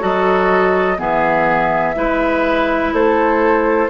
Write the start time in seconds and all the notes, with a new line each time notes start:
0.00 F#3 F#4 A4 D#5
0.97 E3 B3 G#4 E5
1.95 G#3 E4 B4
2.93 A3 A4 C5